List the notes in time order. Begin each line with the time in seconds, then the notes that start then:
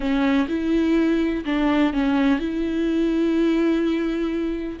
0.00 C#4
0.48 E4
1.45 D4
1.93 C#4
2.39 E4